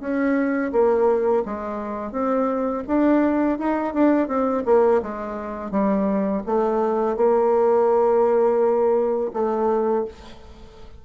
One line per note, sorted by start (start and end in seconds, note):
0.00 0.71 C#4
0.72 1.44 A#3
1.45 2.12 G#3
2.12 2.83 C4
2.87 3.58 D4
3.58 3.94 D#4
3.94 4.28 D4
4.28 4.63 C4
4.65 5.01 A#3
5.02 5.71 G#3
5.71 6.42 G3
6.46 7.17 A3
7.17 9.31 A#3
9.33 10.05 A3